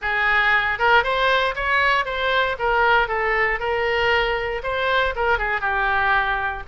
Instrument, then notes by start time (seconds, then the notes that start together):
oboe
0.01 G#4
0.78 A#4
1.03 C5
1.55 C#5
2.05 C5
2.59 A#4
3.08 A4
3.59 A#4
4.63 C5
5.15 A#4
5.38 G#4
5.60 G4